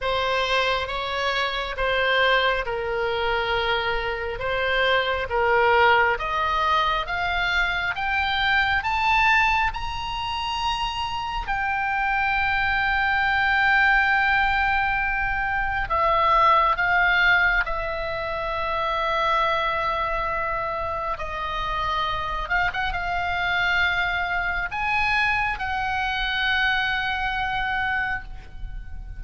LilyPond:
\new Staff \with { instrumentName = "oboe" } { \time 4/4 \tempo 4 = 68 c''4 cis''4 c''4 ais'4~ | ais'4 c''4 ais'4 dis''4 | f''4 g''4 a''4 ais''4~ | ais''4 g''2.~ |
g''2 e''4 f''4 | e''1 | dis''4. f''16 fis''16 f''2 | gis''4 fis''2. | }